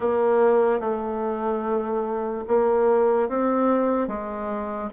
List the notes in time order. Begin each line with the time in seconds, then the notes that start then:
0.00 A#3
0.80 A3
2.47 A#3
3.29 C4
4.07 G#3